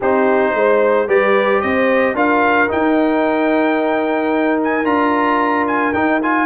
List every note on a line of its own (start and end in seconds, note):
0.00 0.54 C4
0.00 1.08 D#4
0.00 0.53 G4
0.00 1.09 C5
0.54 1.08 G#3
0.54 1.07 C5
1.07 1.62 G3
1.07 2.15 G4
1.07 1.61 B4
1.07 1.61 D5
1.61 2.14 C4
1.61 2.15 C5
1.61 2.15 D#5
2.14 2.68 D4
2.14 2.67 F4
2.14 6.45 A#4
2.14 2.70 F5
2.67 4.84 D#4
2.67 4.60 G5
4.63 4.85 G#5
4.84 5.93 D4
4.84 5.92 F4
4.84 5.66 A#5
5.67 5.93 G#5
5.93 6.45 D#4
5.93 6.21 D#4
5.93 6.20 G5
6.22 6.45 F4
6.22 6.45 G#5